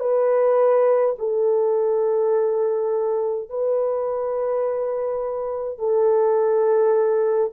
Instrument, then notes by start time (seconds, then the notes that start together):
horn
0.00 B4
1.19 A4
3.49 B4
5.79 A4